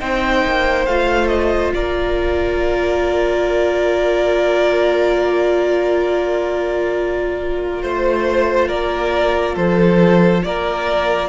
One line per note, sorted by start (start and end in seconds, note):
0.00 0.45 C4
0.00 0.87 D#4
0.00 1.74 C5
0.00 0.86 G5
0.46 0.87 A#3
0.86 1.74 A3
0.86 11.29 F4
0.86 1.28 F5
1.28 1.72 D#5
1.74 7.83 A#3
1.74 7.83 A#4
1.74 7.83 D5
7.83 8.70 A3
7.83 8.69 C5
8.69 9.57 A#3
8.69 9.55 A#4
8.69 9.56 D5
9.55 10.44 F3
9.55 10.42 A4
9.55 10.44 C5
10.44 11.29 A#3
10.44 11.29 A#4
10.44 11.29 D5